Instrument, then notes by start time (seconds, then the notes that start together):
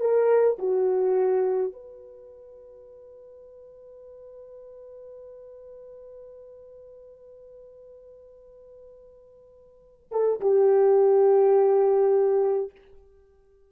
horn
0.00 A#4
0.58 F#4
1.73 B4
10.11 A4
10.41 G4